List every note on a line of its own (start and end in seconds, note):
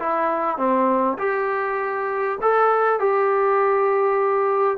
0.00 0.58 E4
0.58 1.18 C4
1.19 2.39 G4
2.42 3.00 A4
3.00 4.78 G4